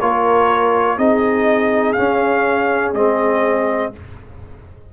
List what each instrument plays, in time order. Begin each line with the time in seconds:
0.00 tuba A#3, trombone F4, horn A#4, trumpet C#5
0.98 tuba C4, trombone D#4, horn G#4, trumpet D#5
1.93 trombone C#4, tuba C#4, trumpet F5
2.94 tuba G#3, trombone C4, trumpet D#5